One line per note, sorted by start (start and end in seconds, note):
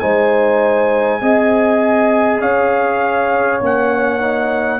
0.00 1.21 G#3
0.00 1.22 D#4
0.00 1.22 C5
0.00 2.40 G#5
1.21 2.41 C4
1.21 3.61 G#4
1.21 2.42 D#5
2.41 3.61 C#4
2.41 4.80 C#5
2.41 3.61 F5
3.61 4.80 A#3
3.61 4.21 C#4
3.61 4.80 F#5
4.21 4.80 D#4